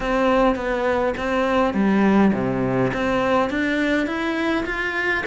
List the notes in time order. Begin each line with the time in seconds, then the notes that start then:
0.00 C4
0.55 B3
1.17 C4
1.73 G3
2.33 C3
2.93 C4
3.50 D4
4.06 E4
4.65 F4